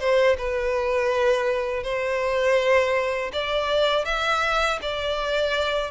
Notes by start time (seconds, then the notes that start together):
0.00 C5
0.38 B4
1.84 C5
3.33 D5
4.05 E5
4.82 D5